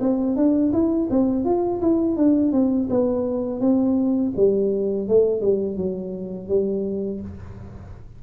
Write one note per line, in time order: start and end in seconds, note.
0.00 0.36 C4
0.36 0.72 D4
0.72 1.08 E4
1.10 1.45 C4
1.45 1.81 F4
1.81 2.17 E4
2.17 2.52 D4
2.52 2.88 C4
2.90 3.60 B3
3.60 4.32 C4
4.36 5.08 G3
5.08 5.41 A3
5.41 5.77 G3
5.77 6.48 F#3
6.48 7.21 G3